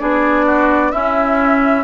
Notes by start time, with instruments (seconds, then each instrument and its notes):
0.00 bassoon B3, clarinet D4, oboe G#4, flute D5
0.46 oboe F#4
0.91 clarinet C#4, bassoon C#4, oboe E4, flute E5